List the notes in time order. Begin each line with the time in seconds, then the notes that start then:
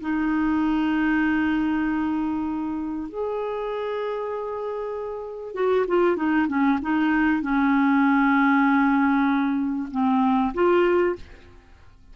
0.00 D#4
3.08 G#4
5.54 F#4
5.87 F4
6.16 D#4
6.48 C#4
6.82 D#4
7.41 C#4
9.91 C4
10.54 F4